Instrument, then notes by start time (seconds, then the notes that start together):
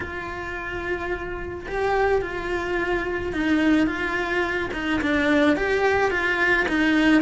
cello
0.00 F4
1.68 G4
2.21 F4
3.32 D#4
3.86 F4
4.73 D#4
5.01 D4
5.56 G4
6.11 F4
6.68 D#4